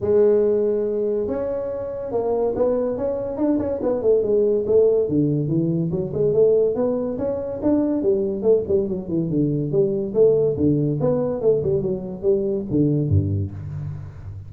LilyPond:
\new Staff \with { instrumentName = "tuba" } { \time 4/4 \tempo 4 = 142 gis2. cis'4~ | cis'4 ais4 b4 cis'4 | d'8 cis'8 b8 a8 gis4 a4 | d4 e4 fis8 gis8 a4 |
b4 cis'4 d'4 g4 | a8 g8 fis8 e8 d4 g4 | a4 d4 b4 a8 g8 | fis4 g4 d4 g,4 | }